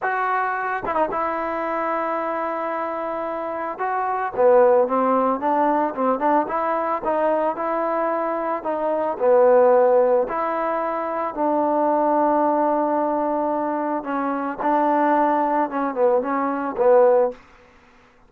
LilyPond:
\new Staff \with { instrumentName = "trombone" } { \time 4/4 \tempo 4 = 111 fis'4. e'16 dis'16 e'2~ | e'2. fis'4 | b4 c'4 d'4 c'8 d'8 | e'4 dis'4 e'2 |
dis'4 b2 e'4~ | e'4 d'2.~ | d'2 cis'4 d'4~ | d'4 cis'8 b8 cis'4 b4 | }